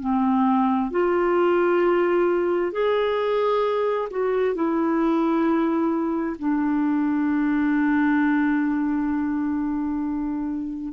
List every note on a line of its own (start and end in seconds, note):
0.00 0.91 C4
0.91 2.72 F4
2.72 4.09 G#4
4.10 4.55 F#4
4.55 6.37 E4
6.39 10.93 D4